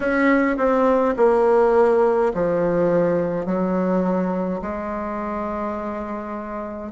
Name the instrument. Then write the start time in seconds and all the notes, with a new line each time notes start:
bassoon
0.00 C#4
0.57 C4
1.16 A#3
2.34 F3
3.45 F#3
4.62 G#3